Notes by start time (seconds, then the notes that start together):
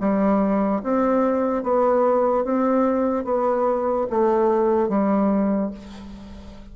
0.00 G3
0.83 C4
1.63 B3
2.44 C4
3.25 B3
4.10 A3
4.89 G3